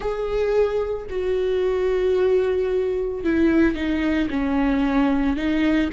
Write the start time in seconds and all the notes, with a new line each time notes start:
0.00 G#4
1.10 F#4
3.24 E4
3.75 D#4
4.30 C#4
5.36 D#4